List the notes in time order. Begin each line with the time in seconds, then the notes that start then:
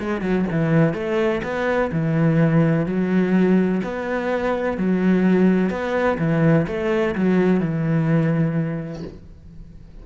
0.00 G#3
0.22 F#3
0.52 E3
0.94 A3
1.44 B3
1.92 E3
2.86 F#3
3.84 B3
4.78 F#3
5.70 B3
6.19 E3
6.68 A3
7.16 F#3
7.60 E3